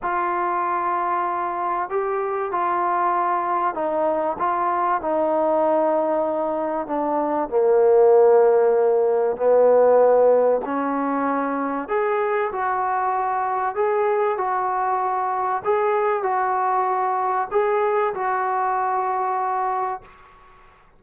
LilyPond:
\new Staff \with { instrumentName = "trombone" } { \time 4/4 \tempo 4 = 96 f'2. g'4 | f'2 dis'4 f'4 | dis'2. d'4 | ais2. b4~ |
b4 cis'2 gis'4 | fis'2 gis'4 fis'4~ | fis'4 gis'4 fis'2 | gis'4 fis'2. | }